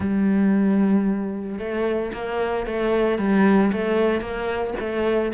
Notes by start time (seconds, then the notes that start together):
0.00 G3
1.58 A3
2.13 A#3
2.66 A3
3.18 G3
3.72 A3
4.20 A#3
4.79 A3